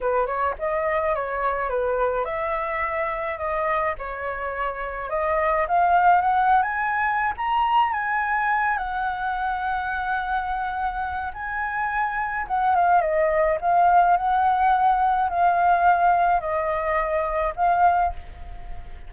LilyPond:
\new Staff \with { instrumentName = "flute" } { \time 4/4 \tempo 4 = 106 b'8 cis''8 dis''4 cis''4 b'4 | e''2 dis''4 cis''4~ | cis''4 dis''4 f''4 fis''8. gis''16~ | gis''4 ais''4 gis''4. fis''8~ |
fis''1 | gis''2 fis''8 f''8 dis''4 | f''4 fis''2 f''4~ | f''4 dis''2 f''4 | }